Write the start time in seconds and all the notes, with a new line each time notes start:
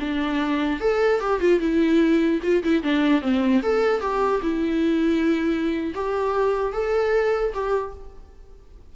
0.00 D4
0.80 A4
1.20 G4
1.40 F4
1.60 E4
2.43 F4
2.63 E4
2.83 D4
3.22 C4
3.62 A4
4.00 G4
4.42 E4
5.95 G4
6.72 A4
7.54 G4